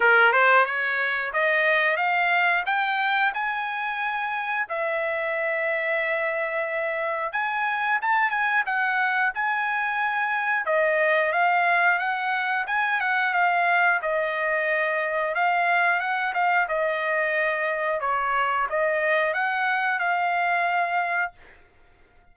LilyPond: \new Staff \with { instrumentName = "trumpet" } { \time 4/4 \tempo 4 = 90 ais'8 c''8 cis''4 dis''4 f''4 | g''4 gis''2 e''4~ | e''2. gis''4 | a''8 gis''8 fis''4 gis''2 |
dis''4 f''4 fis''4 gis''8 fis''8 | f''4 dis''2 f''4 | fis''8 f''8 dis''2 cis''4 | dis''4 fis''4 f''2 | }